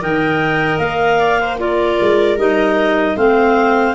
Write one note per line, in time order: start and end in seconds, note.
0.00 0.78 D#3
0.00 1.58 A#4
0.00 1.19 D#5
0.00 0.78 G5
0.78 1.97 A#3
0.78 1.57 F5
1.19 1.38 D5
1.40 1.60 C5
1.58 2.37 F4
1.58 3.16 A#4
1.58 2.38 D5
2.00 2.37 G#3
2.37 3.16 G3
2.37 3.17 D#4
2.37 3.17 D#5
3.16 3.94 A3
3.16 3.94 C4
3.16 3.94 C5
3.16 3.94 F5